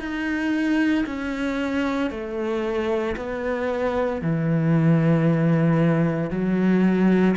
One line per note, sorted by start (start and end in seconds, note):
0.00 1.05 D#4
1.06 2.11 C#4
2.11 3.16 A3
3.17 4.22 B3
4.22 6.31 E3
6.31 7.36 F#3